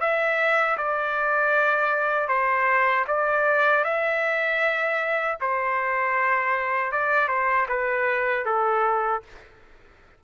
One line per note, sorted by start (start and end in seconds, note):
0.00 0.77 E5
0.77 2.28 D5
2.28 3.05 C5
3.08 3.84 D5
3.84 5.38 E5
5.41 6.92 C5
6.92 7.28 D5
7.28 7.67 C5
7.69 8.46 B4
8.46 9.23 A4